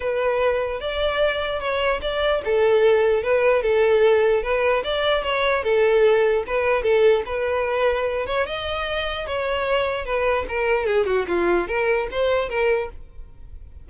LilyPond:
\new Staff \with { instrumentName = "violin" } { \time 4/4 \tempo 4 = 149 b'2 d''2 | cis''4 d''4 a'2 | b'4 a'2 b'4 | d''4 cis''4 a'2 |
b'4 a'4 b'2~ | b'8 cis''8 dis''2 cis''4~ | cis''4 b'4 ais'4 gis'8 fis'8 | f'4 ais'4 c''4 ais'4 | }